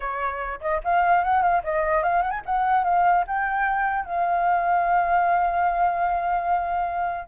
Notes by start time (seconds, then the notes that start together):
0.00 C#5
0.60 D#5
0.83 F5
1.23 F#5
1.42 F5
1.63 D#5
2.02 F5
2.22 F#5
2.31 G#5
2.45 F#5
2.84 F5
3.27 G5
4.05 F5